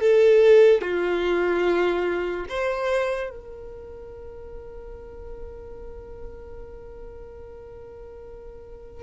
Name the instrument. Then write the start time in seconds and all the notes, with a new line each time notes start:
violin
0.00 A4
0.81 F4
2.49 C5
3.30 A#4